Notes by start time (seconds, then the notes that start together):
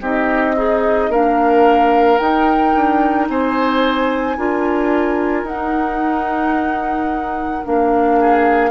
0.00 C4 D#4 G4 D#5
0.55 D#4 G#4
1.08 A#3 D4 A#4 F5
2.17 D#4 G5
2.75 D4
3.28 C4 C5 G#5
4.37 D4 F4 A#4
5.43 D#4 F#5
5.50 D#4
7.63 A#3 D4 F5
8.19 G#4